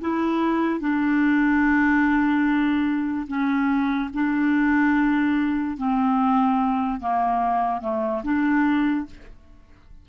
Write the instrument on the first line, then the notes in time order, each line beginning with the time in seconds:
clarinet
0.00 E4
0.80 D4
3.27 C#4
4.13 D4
5.77 C4
7.00 A#3
7.81 A3
8.23 D4